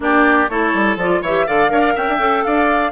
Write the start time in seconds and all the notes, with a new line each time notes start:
0.00 A#3 D4 G4 D5
0.49 A3 E4 A4 C#5
0.74 G3
0.96 F3 F4 D5
1.21 E3 G4 C#5 E5
1.46 D3 A4 D5 F5
1.68 D4 A#4 C#5
1.80 D5
1.95 C#4 E5 G5
2.09 D4
2.18 C#4 A4
2.43 D4 D5 F5